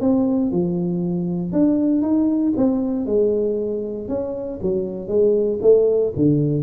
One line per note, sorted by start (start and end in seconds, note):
0.00 0.51 C4
0.51 1.52 F3
1.52 2.02 D4
2.02 2.53 D#4
2.56 3.06 C4
3.06 4.08 G#3
4.08 4.59 C#4
4.62 5.08 F#3
5.08 5.59 G#3
5.62 6.13 A3
6.16 6.62 D3